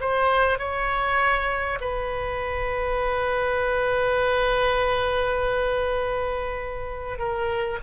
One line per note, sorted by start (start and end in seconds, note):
0.00 0.59 C5
0.59 1.79 C#5
1.81 7.19 B4
7.19 7.79 A#4